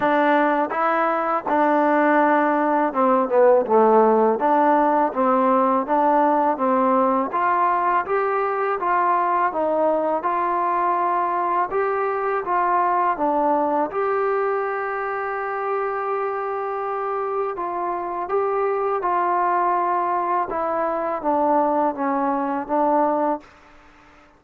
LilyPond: \new Staff \with { instrumentName = "trombone" } { \time 4/4 \tempo 4 = 82 d'4 e'4 d'2 | c'8 b8 a4 d'4 c'4 | d'4 c'4 f'4 g'4 | f'4 dis'4 f'2 |
g'4 f'4 d'4 g'4~ | g'1 | f'4 g'4 f'2 | e'4 d'4 cis'4 d'4 | }